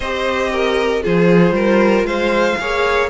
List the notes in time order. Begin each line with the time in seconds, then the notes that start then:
0.00 C4 G4 C5 D#5
0.52 A#4
1.01 F3 F4 G#4 C5
1.51 G3 A#4
2.03 G#3 C5 F5
2.59 A#3 G#4 C#5